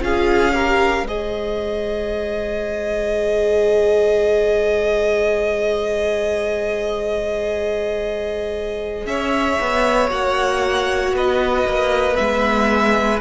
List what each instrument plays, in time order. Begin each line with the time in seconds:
0.00 cello C#4, viola F4, violin G#4 F5
0.53 viola G4, violin A#4
1.03 cello G#3, viola G#4, violin C5 D#5
9.06 cello C#4, violin C#5 E5
9.60 cello B3
10.09 cello A#3, viola F#4, violin F#5
11.12 cello B3, violin B4 D#5
11.65 cello A#3
12.14 viola B3, violin E5
12.20 cello G#3